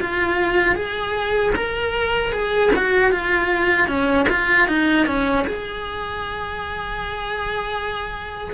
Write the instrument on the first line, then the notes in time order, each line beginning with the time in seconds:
cello
0.00 F4
0.75 G#4
1.55 A#4
2.32 G#4
2.76 F#4
3.11 F4
3.87 C#4
4.29 F4
4.68 D#4
5.06 C#4
5.47 G#4